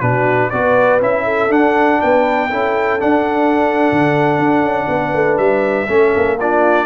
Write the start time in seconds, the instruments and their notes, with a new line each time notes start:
0.00 tuba B2, trombone D4, horn F#4, trumpet B4
0.50 tuba B3, trombone F#4, horn B4, trumpet D5
1.01 tuba C#4, trombone E4, trumpet E5
1.24 horn A4
1.49 trombone D4, tuba D4, trumpet F#5
2.01 tuba B3, horn B4, trumpet G5
2.49 tuba C#4, trombone E4, horn A4
2.99 trombone D4, tuba D4, trumpet F#5
3.92 tuba D3
4.39 tuba D4
4.62 tuba C#4
4.88 tuba B3, horn B4
5.14 tuba A3
5.37 tuba G3, trumpet E5
5.88 tuba A3, trombone C#4, horn A4
6.16 tuba A#3
6.39 trombone D4, horn F4, trumpet D5